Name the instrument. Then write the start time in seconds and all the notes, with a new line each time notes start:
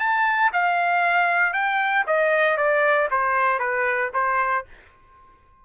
trumpet
0.00 A5
0.53 F5
1.54 G5
2.07 D#5
2.58 D5
3.11 C5
3.60 B4
4.14 C5